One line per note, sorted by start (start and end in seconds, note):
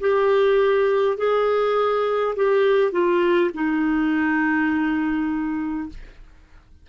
0.00 1.17 G4
1.17 2.35 G#4
2.35 2.91 G4
2.91 3.50 F4
3.53 5.89 D#4